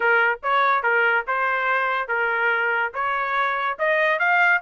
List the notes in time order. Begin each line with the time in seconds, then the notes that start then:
0.00 A#4
0.42 C#5
0.82 A#4
1.27 C5
2.08 A#4
2.94 C#5
3.79 D#5
4.19 F5